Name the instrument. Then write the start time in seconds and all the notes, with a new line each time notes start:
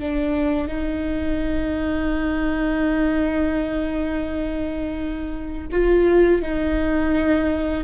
viola
0.00 D4
0.68 D#4
5.72 F4
6.42 D#4